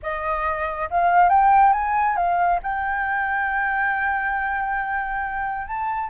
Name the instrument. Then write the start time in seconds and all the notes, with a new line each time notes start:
flute
0.02 D#5
0.90 F5
1.29 G5
1.73 G#5
2.16 F5
2.62 G5
5.67 A5